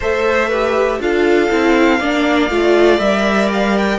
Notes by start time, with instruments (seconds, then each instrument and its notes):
0.00 cello A3, viola A4, violin C5 E5
0.48 viola G4, violin B4
1.00 cello D4, viola F4, violin A4 F5
1.50 cello C4, viola E4
1.99 cello A#3, viola D4, violin D5
2.50 cello A3, viola F4
2.99 cello G3, viola A#4, violin E5
3.52 violin F5
3.77 violin G5